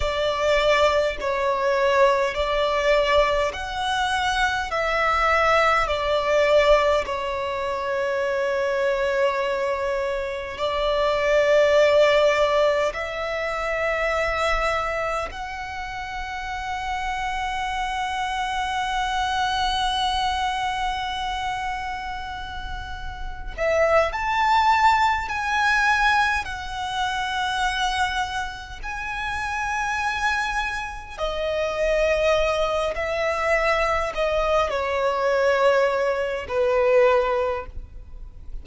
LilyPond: \new Staff \with { instrumentName = "violin" } { \time 4/4 \tempo 4 = 51 d''4 cis''4 d''4 fis''4 | e''4 d''4 cis''2~ | cis''4 d''2 e''4~ | e''4 fis''2.~ |
fis''1 | e''8 a''4 gis''4 fis''4.~ | fis''8 gis''2 dis''4. | e''4 dis''8 cis''4. b'4 | }